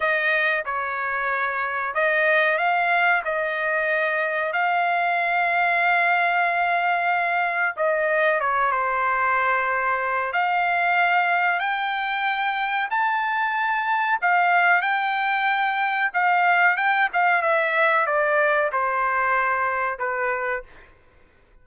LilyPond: \new Staff \with { instrumentName = "trumpet" } { \time 4/4 \tempo 4 = 93 dis''4 cis''2 dis''4 | f''4 dis''2 f''4~ | f''1 | dis''4 cis''8 c''2~ c''8 |
f''2 g''2 | a''2 f''4 g''4~ | g''4 f''4 g''8 f''8 e''4 | d''4 c''2 b'4 | }